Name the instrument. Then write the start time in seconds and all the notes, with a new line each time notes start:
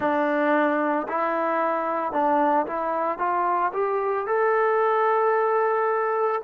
trombone
0.00 D4
1.08 E4
2.12 D4
2.66 E4
3.18 F4
3.73 G4
4.27 A4